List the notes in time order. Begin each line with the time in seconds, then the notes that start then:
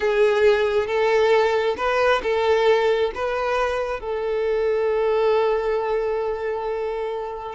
0.00 G#4
0.86 A4
1.77 B4
2.22 A4
3.14 B4
4.00 A4